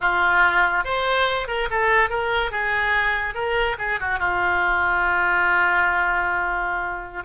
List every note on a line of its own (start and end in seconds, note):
0.01 0.84 F4
0.84 1.47 C5
1.47 1.68 A#4
1.70 2.09 A4
2.09 2.51 A#4
2.51 3.34 G#4
3.34 3.76 A#4
3.78 3.99 G#4
4.00 4.19 F#4
4.19 7.23 F4